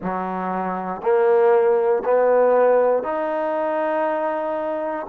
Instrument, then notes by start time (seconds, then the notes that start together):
trombone
0.01 F#3
1.01 A#3
2.04 B3
3.03 D#4